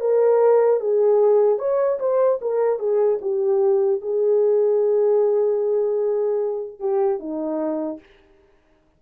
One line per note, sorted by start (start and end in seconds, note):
0.00 0.80 A#4
0.80 1.59 G#4
1.59 1.99 C#5
1.99 2.39 C5
2.41 2.79 A#4
2.79 3.19 G#4
3.21 4.01 G4
4.01 6.79 G#4
6.79 7.19 G4
7.19 7.99 D#4